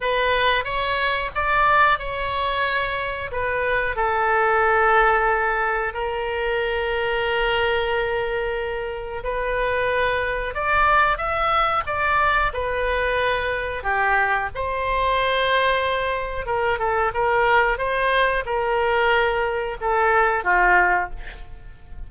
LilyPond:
\new Staff \with { instrumentName = "oboe" } { \time 4/4 \tempo 4 = 91 b'4 cis''4 d''4 cis''4~ | cis''4 b'4 a'2~ | a'4 ais'2.~ | ais'2 b'2 |
d''4 e''4 d''4 b'4~ | b'4 g'4 c''2~ | c''4 ais'8 a'8 ais'4 c''4 | ais'2 a'4 f'4 | }